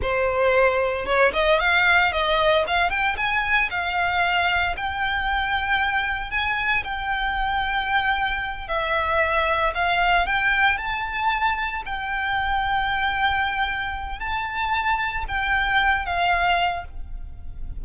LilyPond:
\new Staff \with { instrumentName = "violin" } { \time 4/4 \tempo 4 = 114 c''2 cis''8 dis''8 f''4 | dis''4 f''8 g''8 gis''4 f''4~ | f''4 g''2. | gis''4 g''2.~ |
g''8 e''2 f''4 g''8~ | g''8 a''2 g''4.~ | g''2. a''4~ | a''4 g''4. f''4. | }